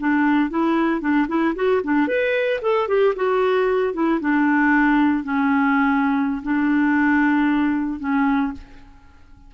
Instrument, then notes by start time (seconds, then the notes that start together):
clarinet
0.00 D4
0.51 E4
1.01 D4
1.28 E4
1.56 F#4
1.84 D4
2.08 B4
2.62 A4
2.88 G4
3.16 F#4
3.94 E4
4.21 D4
5.24 C#4
6.43 D4
8.00 C#4